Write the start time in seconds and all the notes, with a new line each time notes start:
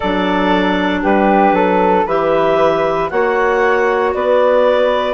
0.00 F#3 D4 A4 D5
1.02 G3 G4 B4
1.52 F#3 A4
2.06 E3 G4 B4 E5
3.09 A#3 F#4 C#5 F#5
4.13 B3 B4 D5